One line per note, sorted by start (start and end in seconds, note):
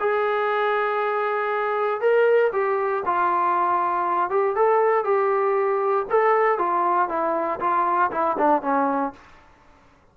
0.00 2.01 G#4
2.01 2.52 A#4
2.52 3.03 G4
3.06 4.30 F4
4.30 4.56 G4
4.56 5.04 A4
5.04 6.06 G4
6.10 6.59 A4
6.59 7.09 F4
7.09 7.60 E4
7.60 8.11 F4
8.11 8.37 E4
8.38 8.62 D4
8.62 9.13 C#4